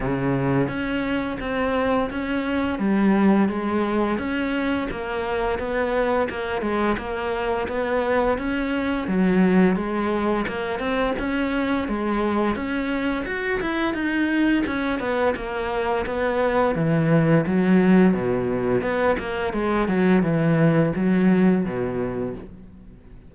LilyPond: \new Staff \with { instrumentName = "cello" } { \time 4/4 \tempo 4 = 86 cis4 cis'4 c'4 cis'4 | g4 gis4 cis'4 ais4 | b4 ais8 gis8 ais4 b4 | cis'4 fis4 gis4 ais8 c'8 |
cis'4 gis4 cis'4 fis'8 e'8 | dis'4 cis'8 b8 ais4 b4 | e4 fis4 b,4 b8 ais8 | gis8 fis8 e4 fis4 b,4 | }